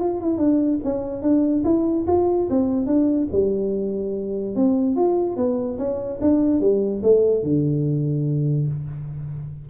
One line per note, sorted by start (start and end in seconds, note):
0.00 0.21 F4
0.21 0.38 E4
0.38 0.79 D4
0.84 1.22 C#4
1.22 1.63 D4
1.65 2.06 E4
2.08 2.49 F4
2.50 2.86 C4
2.86 3.28 D4
3.32 4.56 G3
4.56 4.96 C4
4.96 5.37 F4
5.37 5.78 B3
5.79 6.20 C#4
6.21 6.61 D4
6.61 7.02 G3
7.03 7.43 A3
7.43 8.67 D3